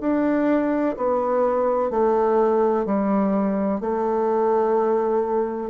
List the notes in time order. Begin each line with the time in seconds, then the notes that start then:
0.00 D4
0.97 B3
1.90 A3
2.85 G3
3.80 A3